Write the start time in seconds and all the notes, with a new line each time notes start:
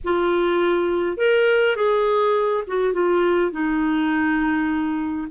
0.04 F4
1.17 A#4
1.75 G#4
2.67 F#4
2.93 F4
3.51 D#4